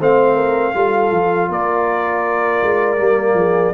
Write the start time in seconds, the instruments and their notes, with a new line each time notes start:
0.00 tuba A3, trombone C4, horn C5, trumpet F5
0.35 horn A#4
0.74 tuba G3, trombone F4, horn A4
1.11 tuba F3
1.49 tuba A#3, horn A#4, trumpet D5
2.62 tuba G#3
2.98 tuba G3, trombone A#3
3.34 tuba F3, horn G#4